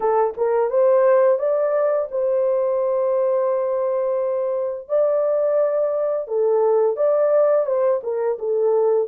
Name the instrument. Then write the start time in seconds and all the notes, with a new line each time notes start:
horn
0.00 A4
0.37 A#4
0.70 C5
1.38 D5
2.11 C5
4.88 D5
6.27 A4
6.96 D5
7.66 C5
8.03 A#4
8.38 A4